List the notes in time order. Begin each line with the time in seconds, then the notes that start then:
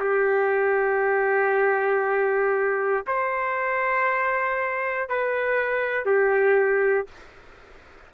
0.00 G4
3.07 C5
5.09 B4
6.06 G4